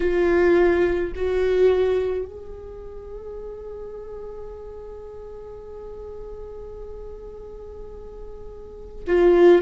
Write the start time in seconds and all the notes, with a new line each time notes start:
0.00 F4
1.15 F#4
2.25 G#4
9.07 F4